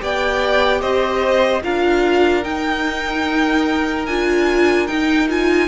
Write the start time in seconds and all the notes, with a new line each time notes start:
0.00 B3 G4 D5 G5
0.81 C4 C5 D#5
1.63 D4 F4 A#4 F5
2.43 D#4 G5
4.06 D4 F4 G#5
4.87 D#4 G5
5.29 F4 G#5